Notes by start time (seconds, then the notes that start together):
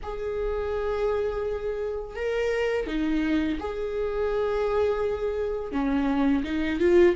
0.02 G#4
2.15 A#4
2.86 D#4
3.59 G#4
5.71 C#4
6.43 D#4
6.79 F4